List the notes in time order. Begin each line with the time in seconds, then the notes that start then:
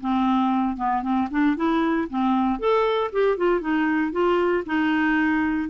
0.00 C4
0.76 B3
1.02 C4
1.30 D4
1.56 E4
2.09 C4
2.59 A4
3.12 G4
3.37 F4
3.60 D#4
4.12 F4
4.66 D#4